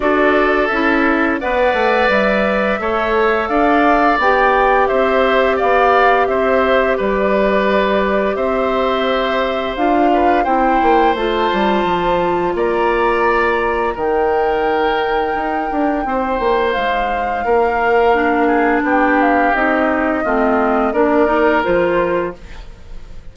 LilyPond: <<
  \new Staff \with { instrumentName = "flute" } { \time 4/4 \tempo 4 = 86 d''4 e''4 fis''4 e''4~ | e''4 f''4 g''4 e''4 | f''4 e''4 d''2 | e''2 f''4 g''4 |
a''2 ais''2 | g''1 | f''2. g''8 f''8 | dis''2 d''4 c''4 | }
  \new Staff \with { instrumentName = "oboe" } { \time 4/4 a'2 d''2 | cis''4 d''2 c''4 | d''4 c''4 b'2 | c''2~ c''8 b'8 c''4~ |
c''2 d''2 | ais'2. c''4~ | c''4 ais'4. gis'8 g'4~ | g'4 f'4 ais'2 | }
  \new Staff \with { instrumentName = "clarinet" } { \time 4/4 fis'4 e'4 b'2 | a'2 g'2~ | g'1~ | g'2 f'4 e'4 |
f'1 | dis'1~ | dis'2 d'2 | dis'4 c'4 d'8 dis'8 f'4 | }
  \new Staff \with { instrumentName = "bassoon" } { \time 4/4 d'4 cis'4 b8 a8 g4 | a4 d'4 b4 c'4 | b4 c'4 g2 | c'2 d'4 c'8 ais8 |
a8 g8 f4 ais2 | dis2 dis'8 d'8 c'8 ais8 | gis4 ais2 b4 | c'4 a4 ais4 f4 | }
>>